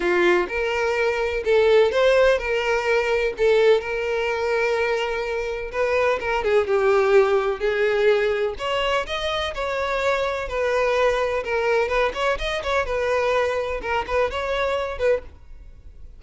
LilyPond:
\new Staff \with { instrumentName = "violin" } { \time 4/4 \tempo 4 = 126 f'4 ais'2 a'4 | c''4 ais'2 a'4 | ais'1 | b'4 ais'8 gis'8 g'2 |
gis'2 cis''4 dis''4 | cis''2 b'2 | ais'4 b'8 cis''8 dis''8 cis''8 b'4~ | b'4 ais'8 b'8 cis''4. b'8 | }